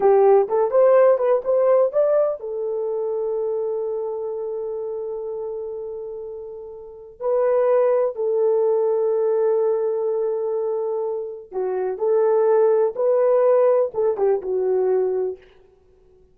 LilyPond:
\new Staff \with { instrumentName = "horn" } { \time 4/4 \tempo 4 = 125 g'4 a'8 c''4 b'8 c''4 | d''4 a'2.~ | a'1~ | a'2. b'4~ |
b'4 a'2.~ | a'1 | fis'4 a'2 b'4~ | b'4 a'8 g'8 fis'2 | }